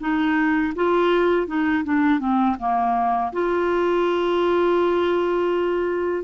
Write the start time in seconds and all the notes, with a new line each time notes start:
0.00 D#4
0.75 F4
1.47 D#4
1.84 D4
2.19 C4
2.59 A#3
3.32 F4